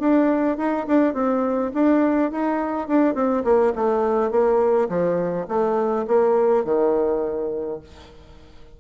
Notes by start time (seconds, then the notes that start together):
0.00 D4
0.58 D#4
0.87 D4
1.14 C4
1.74 D4
2.32 D#4
2.88 D4
3.15 C4
3.44 A#3
3.76 A3
4.31 A#3
4.89 F3
5.48 A3
6.08 A#3
6.65 D#3